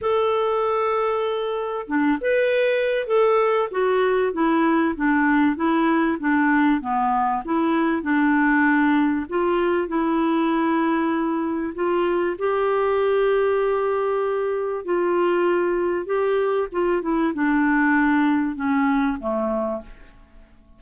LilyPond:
\new Staff \with { instrumentName = "clarinet" } { \time 4/4 \tempo 4 = 97 a'2. d'8 b'8~ | b'4 a'4 fis'4 e'4 | d'4 e'4 d'4 b4 | e'4 d'2 f'4 |
e'2. f'4 | g'1 | f'2 g'4 f'8 e'8 | d'2 cis'4 a4 | }